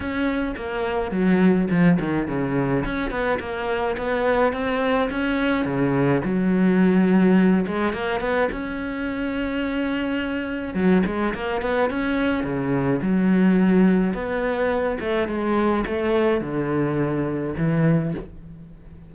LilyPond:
\new Staff \with { instrumentName = "cello" } { \time 4/4 \tempo 4 = 106 cis'4 ais4 fis4 f8 dis8 | cis4 cis'8 b8 ais4 b4 | c'4 cis'4 cis4 fis4~ | fis4. gis8 ais8 b8 cis'4~ |
cis'2. fis8 gis8 | ais8 b8 cis'4 cis4 fis4~ | fis4 b4. a8 gis4 | a4 d2 e4 | }